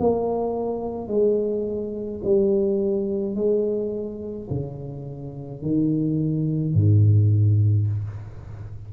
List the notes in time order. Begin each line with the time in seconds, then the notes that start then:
0.00 A#3
1.08 G#3
2.24 G3
3.36 G#3
4.50 C#3
5.62 D#3
6.75 G#2